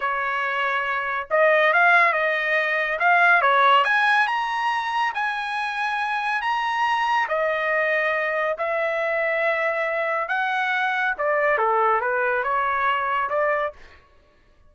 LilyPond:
\new Staff \with { instrumentName = "trumpet" } { \time 4/4 \tempo 4 = 140 cis''2. dis''4 | f''4 dis''2 f''4 | cis''4 gis''4 ais''2 | gis''2. ais''4~ |
ais''4 dis''2. | e''1 | fis''2 d''4 a'4 | b'4 cis''2 d''4 | }